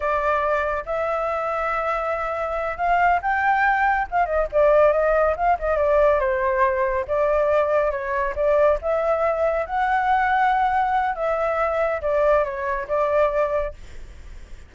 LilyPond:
\new Staff \with { instrumentName = "flute" } { \time 4/4 \tempo 4 = 140 d''2 e''2~ | e''2~ e''8 f''4 g''8~ | g''4. f''8 dis''8 d''4 dis''8~ | dis''8 f''8 dis''8 d''4 c''4.~ |
c''8 d''2 cis''4 d''8~ | d''8 e''2 fis''4.~ | fis''2 e''2 | d''4 cis''4 d''2 | }